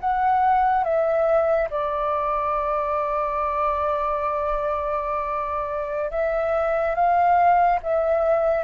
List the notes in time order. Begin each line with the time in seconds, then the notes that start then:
0.00 F#5
0.83 E5
1.69 D5
6.10 E5
6.94 F5
7.82 E5